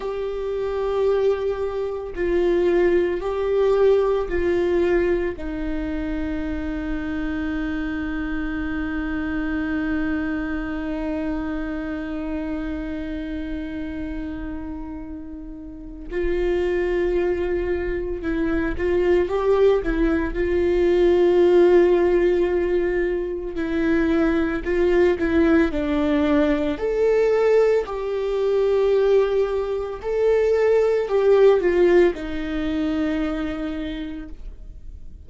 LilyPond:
\new Staff \with { instrumentName = "viola" } { \time 4/4 \tempo 4 = 56 g'2 f'4 g'4 | f'4 dis'2.~ | dis'1~ | dis'2. f'4~ |
f'4 e'8 f'8 g'8 e'8 f'4~ | f'2 e'4 f'8 e'8 | d'4 a'4 g'2 | a'4 g'8 f'8 dis'2 | }